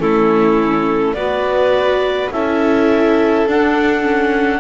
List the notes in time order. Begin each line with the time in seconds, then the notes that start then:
0.00 A3 C#4 E4 A4
1.14 B3 F#4 B4 D5
2.31 C#4 E4 A4 E5
3.47 D4 F#5
4.02 C#4